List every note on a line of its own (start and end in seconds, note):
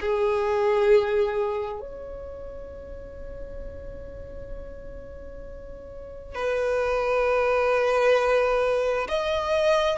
0.00 1.80 G#4
1.80 6.35 C#5
6.35 9.07 B4
9.08 9.98 D#5